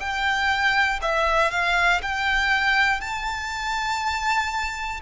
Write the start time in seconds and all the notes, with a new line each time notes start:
0.00 G5
1.01 E5
1.51 F5
2.02 G5
3.00 A5